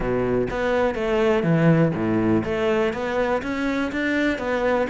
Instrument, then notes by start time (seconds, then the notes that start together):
cello
0.00 B2
0.50 B3
0.94 A3
1.43 E3
1.94 A2
2.44 A3
2.93 B3
3.42 C#4
3.92 D4
4.38 B3